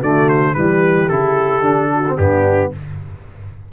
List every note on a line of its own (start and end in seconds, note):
0.00 0.56 D3
0.00 0.55 A3
0.00 0.54 F#4
0.00 0.29 D5
0.29 0.55 C5
0.55 1.10 E3
0.55 1.09 G3
0.55 1.92 G4
0.55 1.09 B4
1.09 1.61 C#3
1.09 1.63 E4
1.09 2.17 A4
1.61 2.15 D3
1.61 2.03 D4
1.94 2.18 F#4
2.08 2.19 C4
2.18 2.72 G2
2.18 2.73 B3
2.18 2.72 D4
2.18 2.72 G4